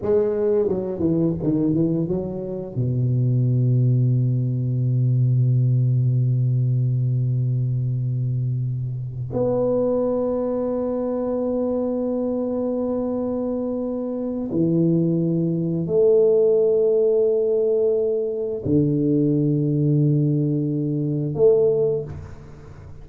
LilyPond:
\new Staff \with { instrumentName = "tuba" } { \time 4/4 \tempo 4 = 87 gis4 fis8 e8 dis8 e8 fis4 | b,1~ | b,1~ | b,4. b2~ b8~ |
b1~ | b4 e2 a4~ | a2. d4~ | d2. a4 | }